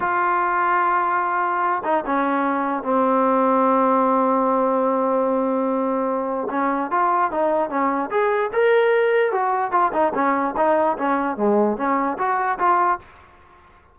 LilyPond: \new Staff \with { instrumentName = "trombone" } { \time 4/4 \tempo 4 = 148 f'1~ | f'8 dis'8 cis'2 c'4~ | c'1~ | c'1 |
cis'4 f'4 dis'4 cis'4 | gis'4 ais'2 fis'4 | f'8 dis'8 cis'4 dis'4 cis'4 | gis4 cis'4 fis'4 f'4 | }